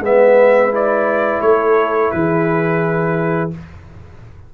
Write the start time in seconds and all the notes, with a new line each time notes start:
0.00 G#3 B3 B4 E5
0.72 E4 D5
1.41 A3 A4 C#5
2.11 E3 G#4 B4